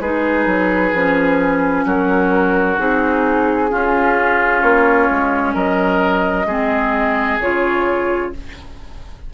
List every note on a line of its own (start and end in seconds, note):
0.00 0.46 G#3
0.00 0.95 D#4
0.00 1.85 G#4
0.00 1.85 B4
0.46 0.92 F#3
0.93 1.85 F3
0.93 2.77 C#4
1.85 2.77 F#3
1.85 3.70 F#4
1.85 2.80 A#4
2.77 3.71 C4
2.77 3.69 D#4
2.77 4.61 G#4
3.69 6.46 C#4
3.69 4.62 C#4
3.69 5.53 F4
4.61 5.08 A#3
4.61 5.53 C#5
5.10 5.54 G#3
5.53 6.46 F#3
5.53 6.46 A#4
5.53 7.39 D#5
6.46 7.38 G#3
6.46 7.40 C4
6.46 8.31 G#4
7.40 8.32 C#3
7.40 8.34 F4
7.40 8.33 C#5